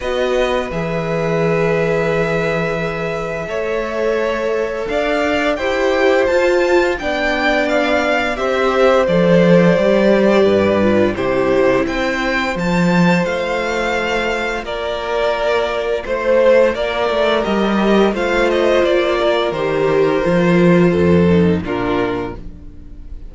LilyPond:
<<
  \new Staff \with { instrumentName = "violin" } { \time 4/4 \tempo 4 = 86 dis''4 e''2.~ | e''2. f''4 | g''4 a''4 g''4 f''4 | e''4 d''2. |
c''4 g''4 a''4 f''4~ | f''4 d''2 c''4 | d''4 dis''4 f''8 dis''8 d''4 | c''2. ais'4 | }
  \new Staff \with { instrumentName = "violin" } { \time 4/4 b'1~ | b'4 cis''2 d''4 | c''2 d''2 | c''2. b'4 |
g'4 c''2.~ | c''4 ais'2 c''4 | ais'2 c''4. ais'8~ | ais'2 a'4 f'4 | }
  \new Staff \with { instrumentName = "viola" } { \time 4/4 fis'4 gis'2.~ | gis'4 a'2. | g'4 f'4 d'2 | g'4 a'4 g'4. f'8 |
e'2 f'2~ | f'1~ | f'4 g'4 f'2 | g'4 f'4. dis'8 d'4 | }
  \new Staff \with { instrumentName = "cello" } { \time 4/4 b4 e2.~ | e4 a2 d'4 | e'4 f'4 b2 | c'4 f4 g4 g,4 |
c4 c'4 f4 a4~ | a4 ais2 a4 | ais8 a8 g4 a4 ais4 | dis4 f4 f,4 ais,4 | }
>>